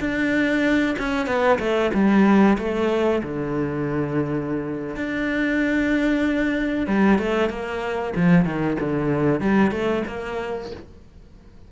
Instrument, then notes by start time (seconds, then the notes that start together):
cello
0.00 D4
0.98 C#4
1.26 B3
1.59 A3
1.94 G3
2.58 A3
3.23 D3
4.96 D4
6.87 G3
7.18 A3
7.49 A#3
8.16 F3
8.45 D#3
8.80 D3
9.40 G3
9.71 A3
10.07 A#3